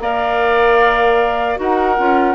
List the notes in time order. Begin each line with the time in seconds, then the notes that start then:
0.00 A#3 A#4 D5 F5
1.56 D#4 F#4 A#4 F#5
1.98 C#4 F4